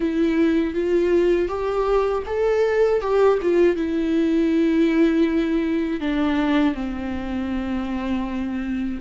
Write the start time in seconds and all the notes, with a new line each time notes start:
0.00 E4
0.74 F4
1.48 G4
2.26 A4
3.01 G4
3.42 F4
3.75 E4
6.00 D4
6.74 C4